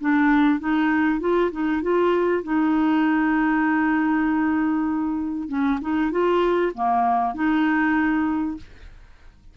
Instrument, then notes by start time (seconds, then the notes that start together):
clarinet
0.00 D4
0.59 D#4
1.20 F4
1.51 D#4
1.82 F4
2.43 D#4
5.48 C#4
5.81 D#4
6.11 F4
6.74 A#3
7.34 D#4